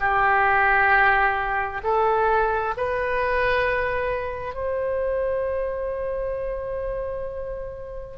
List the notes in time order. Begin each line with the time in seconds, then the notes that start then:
0.00 G4
1.83 A4
2.77 B4
4.55 C5